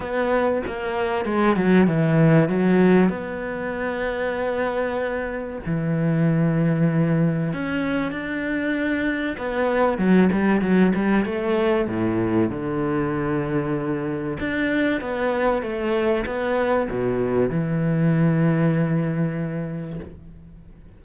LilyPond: \new Staff \with { instrumentName = "cello" } { \time 4/4 \tempo 4 = 96 b4 ais4 gis8 fis8 e4 | fis4 b2.~ | b4 e2. | cis'4 d'2 b4 |
fis8 g8 fis8 g8 a4 a,4 | d2. d'4 | b4 a4 b4 b,4 | e1 | }